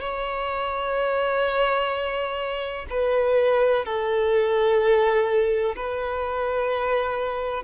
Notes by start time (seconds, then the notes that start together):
0.00 C#5
2.90 B4
3.85 A4
5.76 B4